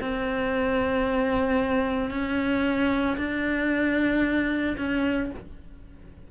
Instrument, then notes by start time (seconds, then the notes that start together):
cello
0.00 C4
2.10 C#4
3.17 D4
4.77 C#4